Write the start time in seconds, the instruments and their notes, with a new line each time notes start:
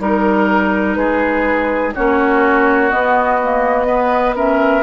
0.00 bassoon G3, clarinet D#4, oboe A#4, flute A#4
0.95 bassoon G#3, oboe G#4, flute B4
1.95 bassoon A#3, clarinet C#4, oboe F#4, flute C#5
2.90 clarinet B3, bassoon B3, flute D#5
3.43 clarinet A#3
3.86 clarinet B3, oboe B4
4.36 clarinet C#4, oboe A#4, flute E5